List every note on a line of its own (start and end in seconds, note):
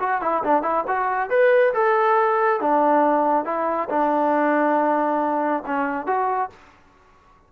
0.00 0.22 F#4
0.22 0.43 E4
0.44 0.63 D4
0.63 0.85 E4
0.88 1.30 F#4
1.30 1.74 B4
1.74 2.61 A4
2.61 3.45 D4
3.45 3.89 E4
3.90 5.64 D4
5.66 6.07 C#4
6.07 6.50 F#4